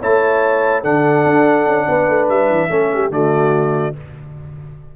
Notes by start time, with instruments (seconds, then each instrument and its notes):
0.00 tuba A3, trombone E4, horn C#5, trumpet A5
0.81 tuba D3, trombone D4, horn A4, trumpet F#5
1.25 tuba D4
1.66 tuba C#4
1.88 tuba B3, horn B4
2.08 tuba A3
2.29 tuba G3, trumpet E5
2.49 tuba E3
2.69 tuba A3, trombone C#4, horn A4
2.94 horn G4
3.10 tuba D3, trombone A3, horn F#4, trumpet D5